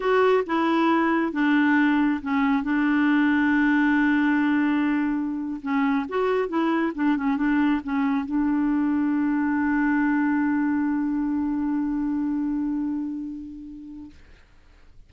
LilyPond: \new Staff \with { instrumentName = "clarinet" } { \time 4/4 \tempo 4 = 136 fis'4 e'2 d'4~ | d'4 cis'4 d'2~ | d'1~ | d'8. cis'4 fis'4 e'4 d'16~ |
d'16 cis'8 d'4 cis'4 d'4~ d'16~ | d'1~ | d'1~ | d'1 | }